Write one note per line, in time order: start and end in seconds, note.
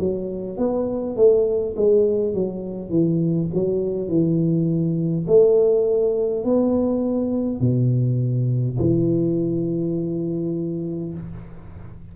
0.00 0.58 F#3
0.58 1.17 B3
1.17 1.75 A3
1.77 2.34 G#3
2.34 2.90 F#3
2.90 3.49 E3
3.54 4.09 F#3
4.09 5.26 E3
5.28 6.45 A3
6.45 7.60 B3
7.60 8.79 B2
8.79 11.14 E3